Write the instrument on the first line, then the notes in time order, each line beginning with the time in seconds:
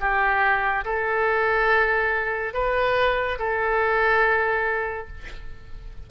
oboe
0.00 G4
0.85 A4
2.54 B4
3.39 A4